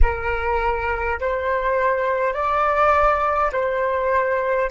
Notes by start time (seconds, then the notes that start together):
0.02 A#4
1.20 C5
2.33 D5
3.52 C5